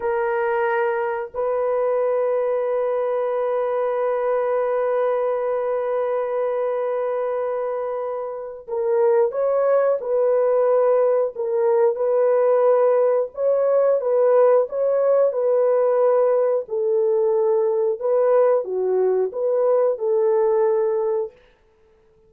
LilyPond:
\new Staff \with { instrumentName = "horn" } { \time 4/4 \tempo 4 = 90 ais'2 b'2~ | b'1~ | b'1~ | b'4 ais'4 cis''4 b'4~ |
b'4 ais'4 b'2 | cis''4 b'4 cis''4 b'4~ | b'4 a'2 b'4 | fis'4 b'4 a'2 | }